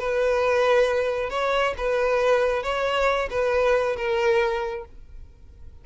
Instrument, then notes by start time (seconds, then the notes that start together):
violin
0.00 B4
1.31 C#5
1.78 B4
2.64 C#5
3.31 B4
3.97 A#4